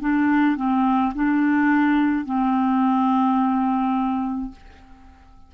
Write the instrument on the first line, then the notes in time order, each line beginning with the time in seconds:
clarinet
0.00 D4
0.56 C4
1.14 D4
2.25 C4